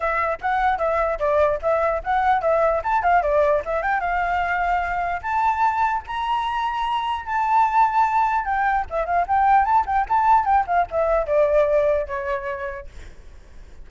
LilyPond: \new Staff \with { instrumentName = "flute" } { \time 4/4 \tempo 4 = 149 e''4 fis''4 e''4 d''4 | e''4 fis''4 e''4 a''8 f''8 | d''4 e''8 g''8 f''2~ | f''4 a''2 ais''4~ |
ais''2 a''2~ | a''4 g''4 e''8 f''8 g''4 | a''8 g''8 a''4 g''8 f''8 e''4 | d''2 cis''2 | }